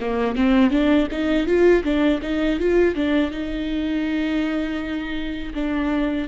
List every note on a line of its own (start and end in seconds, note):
0.00 0.35 A#3
0.35 0.71 C4
0.71 1.08 D4
1.11 1.46 D#4
1.46 1.83 F4
1.84 2.21 D4
2.22 2.59 D#4
2.59 2.95 F4
2.95 3.31 D4
3.31 5.53 D#4
5.54 6.28 D4